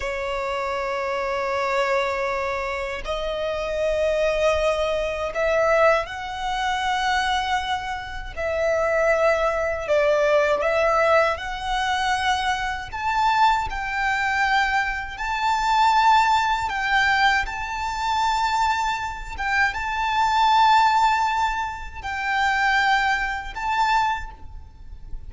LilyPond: \new Staff \with { instrumentName = "violin" } { \time 4/4 \tempo 4 = 79 cis''1 | dis''2. e''4 | fis''2. e''4~ | e''4 d''4 e''4 fis''4~ |
fis''4 a''4 g''2 | a''2 g''4 a''4~ | a''4. g''8 a''2~ | a''4 g''2 a''4 | }